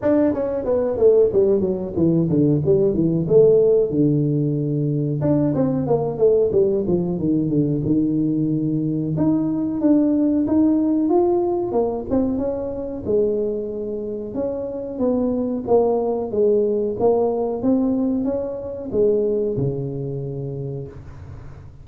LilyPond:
\new Staff \with { instrumentName = "tuba" } { \time 4/4 \tempo 4 = 92 d'8 cis'8 b8 a8 g8 fis8 e8 d8 | g8 e8 a4 d2 | d'8 c'8 ais8 a8 g8 f8 dis8 d8 | dis2 dis'4 d'4 |
dis'4 f'4 ais8 c'8 cis'4 | gis2 cis'4 b4 | ais4 gis4 ais4 c'4 | cis'4 gis4 cis2 | }